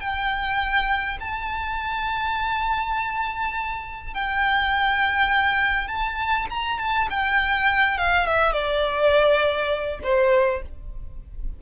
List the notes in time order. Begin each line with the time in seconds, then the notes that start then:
0.00 G5
1.20 A5
4.13 G5
5.87 A5
6.50 A#5
6.78 A5
7.10 G5
7.97 F5
8.26 E5
8.52 D5
10.03 C5